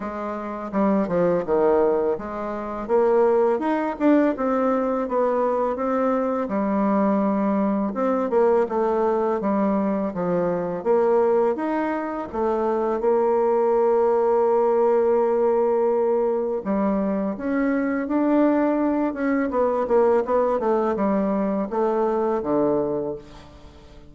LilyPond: \new Staff \with { instrumentName = "bassoon" } { \time 4/4 \tempo 4 = 83 gis4 g8 f8 dis4 gis4 | ais4 dis'8 d'8 c'4 b4 | c'4 g2 c'8 ais8 | a4 g4 f4 ais4 |
dis'4 a4 ais2~ | ais2. g4 | cis'4 d'4. cis'8 b8 ais8 | b8 a8 g4 a4 d4 | }